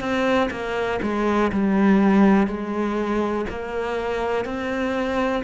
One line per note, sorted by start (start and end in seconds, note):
0.00 0.49 C4
0.51 1.00 A#3
1.02 1.51 G#3
1.52 2.47 G3
2.47 3.45 G#3
3.50 4.45 A#3
4.45 5.43 C4